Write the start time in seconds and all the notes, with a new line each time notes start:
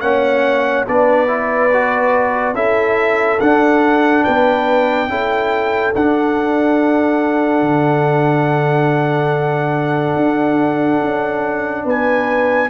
0.00 A#3 C#4 C#5 F#5
0.87 B3 D4 B4 D5
1.27 E4
1.72 F#4
2.53 C#4 E4 A4 E5
3.40 D4 F#5
4.24 B3 B4 G5
5.08 C#4 E4 A4
5.95 D4 F#5
7.61 D3
10.15 D4
11.01 C#4
11.84 B3 B4 G#5